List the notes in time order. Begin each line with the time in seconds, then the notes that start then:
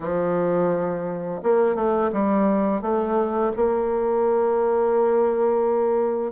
0.00 F3
1.42 A#3
1.75 A3
2.12 G3
2.81 A3
3.56 A#3